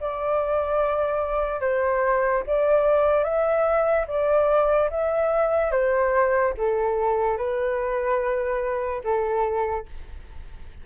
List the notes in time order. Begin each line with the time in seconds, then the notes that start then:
0.00 D5
1.61 C5
2.46 D5
3.24 E5
4.07 D5
4.90 E5
5.71 C5
6.57 A4
7.37 B4
9.03 A4